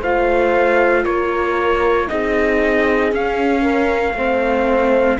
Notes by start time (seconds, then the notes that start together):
0.00 A3 F4 C5 F5
1.04 A#3 A#4 C#5
2.07 C4 D#4 G#4 D#5
3.11 C#4 F5
3.62 A#4
4.14 A3 C4 C5